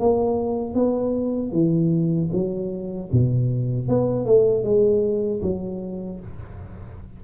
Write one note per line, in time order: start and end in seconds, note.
0.00 0.75 A#3
0.75 1.52 B3
1.52 2.30 E3
2.33 3.11 F#3
3.13 3.89 B2
3.89 4.26 B3
4.26 4.64 A3
4.64 5.42 G#3
5.43 6.20 F#3